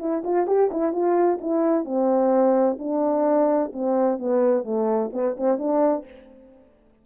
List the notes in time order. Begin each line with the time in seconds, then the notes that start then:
0.00 E4
0.24 F4
0.47 G4
0.71 E4
0.93 F4
1.41 E4
1.85 C4
2.79 D4
3.73 C4
4.19 B3
4.64 A3
5.13 B3
5.37 C4
5.59 D4